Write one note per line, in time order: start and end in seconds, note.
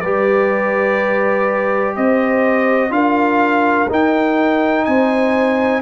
0.00 1.96 G3
0.00 2.90 G4
0.00 1.94 B4
0.00 1.94 D5
1.95 2.90 C4
1.95 2.92 C5
1.95 2.92 D#5
2.90 3.86 D4
2.90 3.86 F4
2.90 4.87 A#4
2.90 3.89 F5
3.89 5.81 D#4
3.89 4.86 D#4
3.89 4.84 G5
4.84 5.81 C4
4.84 5.81 C5
4.84 5.81 G#5